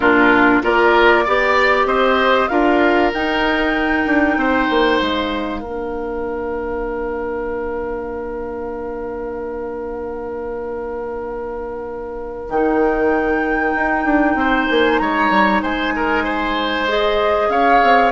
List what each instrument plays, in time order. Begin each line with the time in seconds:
0.00 bassoon A#2, clarinet D4, oboe F4, flute A#4
0.62 bassoon A#3, clarinet F4, oboe A#4, flute D5
1.24 bassoon B3, clarinet G4, oboe D5
1.85 bassoon C4, oboe C5, flute D#5
2.48 bassoon D4, clarinet F4, oboe A#4, flute F5
3.13 bassoon D#4, clarinet D#4, flute G5
4.06 bassoon D4
4.36 bassoon C4, oboe C5
4.70 bassoon A#3
4.99 bassoon G#3, flute F5
5.60 bassoon A#3, clarinet D4, oboe A#4
12.48 bassoon D#3, clarinet D#4, flute G5
13.75 bassoon D#4
14.05 bassoon D4
14.35 bassoon C4, oboe C5
14.68 bassoon A#3, flute G#5
14.98 bassoon G#3, oboe C#5, flute A#5
15.30 bassoon G3
15.62 bassoon G#3, oboe C5, flute G#5
15.95 oboe A#4
16.24 oboe C5
16.88 clarinet G#4, flute D#5
17.48 bassoon C#4, oboe C#5, flute F5
17.83 bassoon C4